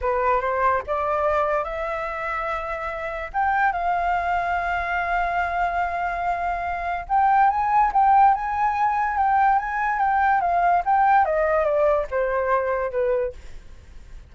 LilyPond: \new Staff \with { instrumentName = "flute" } { \time 4/4 \tempo 4 = 144 b'4 c''4 d''2 | e''1 | g''4 f''2.~ | f''1~ |
f''4 g''4 gis''4 g''4 | gis''2 g''4 gis''4 | g''4 f''4 g''4 dis''4 | d''4 c''2 b'4 | }